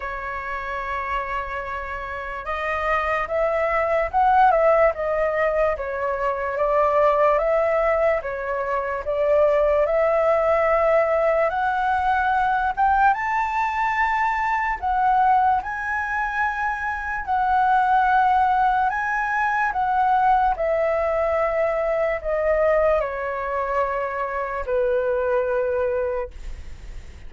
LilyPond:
\new Staff \with { instrumentName = "flute" } { \time 4/4 \tempo 4 = 73 cis''2. dis''4 | e''4 fis''8 e''8 dis''4 cis''4 | d''4 e''4 cis''4 d''4 | e''2 fis''4. g''8 |
a''2 fis''4 gis''4~ | gis''4 fis''2 gis''4 | fis''4 e''2 dis''4 | cis''2 b'2 | }